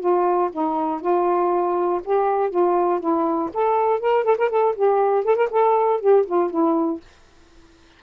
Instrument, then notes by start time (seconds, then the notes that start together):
saxophone
0.00 F4
0.52 D#4
1.01 F4
2.04 G4
2.50 F4
3.00 E4
3.53 A4
4.00 A#4
4.24 A4
4.38 A#4
4.50 A4
4.75 G4
5.25 A4
5.36 A#4
5.50 A4
6.00 G4
6.26 F4
6.50 E4